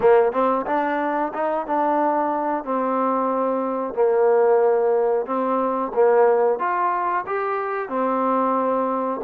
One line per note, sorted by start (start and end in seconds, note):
0.00 0.32 A#3
0.32 0.65 C4
0.66 1.32 D4
1.33 1.66 D#4
1.66 2.64 D4
2.64 3.94 C4
3.94 5.26 A#3
5.26 5.92 C4
5.94 6.59 A#3
6.59 7.25 F4
7.26 7.89 G4
7.89 9.20 C4